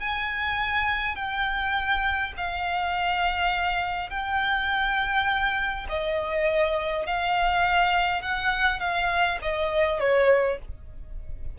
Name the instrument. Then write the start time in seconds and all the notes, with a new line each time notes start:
violin
0.00 G#5
1.16 G5
2.37 F5
4.10 G5
5.89 D#5
7.07 F5
8.22 F#5
8.80 F5
9.42 D#5
10.00 C#5